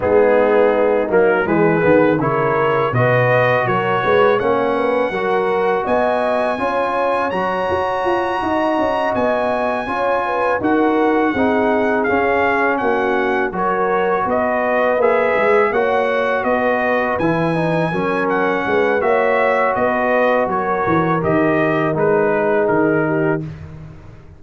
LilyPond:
<<
  \new Staff \with { instrumentName = "trumpet" } { \time 4/4 \tempo 4 = 82 gis'4. ais'8 b'4 cis''4 | dis''4 cis''4 fis''2 | gis''2 ais''2~ | ais''8 gis''2 fis''4.~ |
fis''8 f''4 fis''4 cis''4 dis''8~ | dis''8 e''4 fis''4 dis''4 gis''8~ | gis''4 fis''4 e''4 dis''4 | cis''4 dis''4 b'4 ais'4 | }
  \new Staff \with { instrumentName = "horn" } { \time 4/4 dis'2 gis'4 ais'4 | b'4 ais'8 b'8 cis''8 b'8 ais'4 | dis''4 cis''2~ cis''8 dis''8~ | dis''4. cis''8 b'8 ais'4 gis'8~ |
gis'4. fis'4 ais'4 b'8~ | b'4. cis''4 b'4.~ | b'8 ais'4 b'8 cis''4 b'4 | ais'2~ ais'8 gis'4 g'8 | }
  \new Staff \with { instrumentName = "trombone" } { \time 4/4 b4. ais8 gis8 b8 e'4 | fis'2 cis'4 fis'4~ | fis'4 f'4 fis'2~ | fis'4. f'4 fis'4 dis'8~ |
dis'8 cis'2 fis'4.~ | fis'8 gis'4 fis'2 e'8 | dis'8 cis'4. fis'2~ | fis'4 g'4 dis'2 | }
  \new Staff \with { instrumentName = "tuba" } { \time 4/4 gis4. fis8 e8 dis8 cis4 | b,4 fis8 gis8 ais4 fis4 | b4 cis'4 fis8 fis'8 f'8 dis'8 | cis'8 b4 cis'4 dis'4 c'8~ |
c'8 cis'4 ais4 fis4 b8~ | b8 ais8 gis8 ais4 b4 e8~ | e8 fis4 gis8 ais4 b4 | fis8 e8 dis4 gis4 dis4 | }
>>